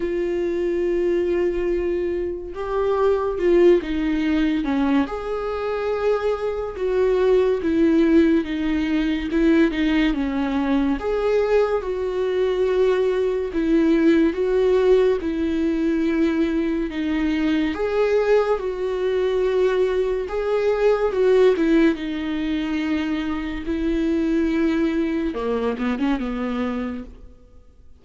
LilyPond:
\new Staff \with { instrumentName = "viola" } { \time 4/4 \tempo 4 = 71 f'2. g'4 | f'8 dis'4 cis'8 gis'2 | fis'4 e'4 dis'4 e'8 dis'8 | cis'4 gis'4 fis'2 |
e'4 fis'4 e'2 | dis'4 gis'4 fis'2 | gis'4 fis'8 e'8 dis'2 | e'2 ais8 b16 cis'16 b4 | }